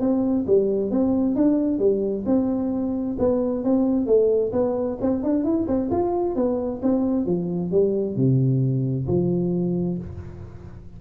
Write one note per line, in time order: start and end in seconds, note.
0.00 0.45 C4
0.46 0.91 G3
0.91 1.36 C4
1.36 1.79 D4
1.79 2.24 G3
2.26 3.17 C4
3.19 3.64 B3
3.64 4.06 C4
4.06 4.52 A3
4.52 4.98 B3
5.01 5.23 C4
5.23 5.44 D4
5.44 5.67 E4
5.68 5.90 C4
5.90 6.35 F4
6.35 6.81 B3
6.82 7.26 C4
7.26 7.71 F3
7.71 8.16 G3
8.16 9.07 C3
9.07 9.98 F3